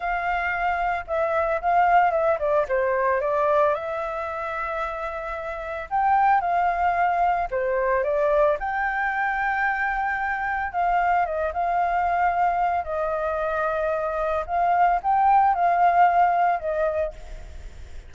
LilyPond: \new Staff \with { instrumentName = "flute" } { \time 4/4 \tempo 4 = 112 f''2 e''4 f''4 | e''8 d''8 c''4 d''4 e''4~ | e''2. g''4 | f''2 c''4 d''4 |
g''1 | f''4 dis''8 f''2~ f''8 | dis''2. f''4 | g''4 f''2 dis''4 | }